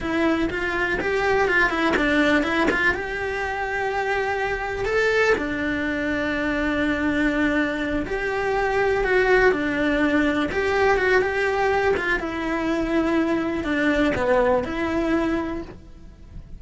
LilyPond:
\new Staff \with { instrumentName = "cello" } { \time 4/4 \tempo 4 = 123 e'4 f'4 g'4 f'8 e'8 | d'4 e'8 f'8 g'2~ | g'2 a'4 d'4~ | d'1~ |
d'8 g'2 fis'4 d'8~ | d'4. g'4 fis'8 g'4~ | g'8 f'8 e'2. | d'4 b4 e'2 | }